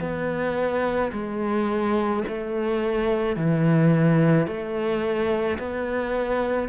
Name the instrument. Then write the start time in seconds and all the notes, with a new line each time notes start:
cello
0.00 B3
1.12 G#3
2.27 A3
3.36 E3
4.46 A3
5.59 B3